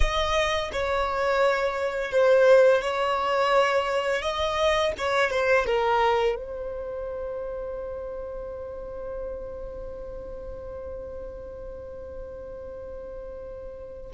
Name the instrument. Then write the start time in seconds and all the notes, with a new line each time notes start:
violin
0.00 D#5
0.72 C#5
2.11 C5
2.81 C#5
4.22 D#5
4.98 C#5
5.30 C5
5.66 A#4
6.35 C5